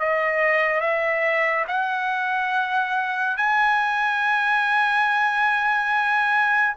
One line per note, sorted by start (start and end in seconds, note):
0.00 0.81 D#5
0.81 1.65 E5
1.68 3.37 F#5
3.37 6.75 G#5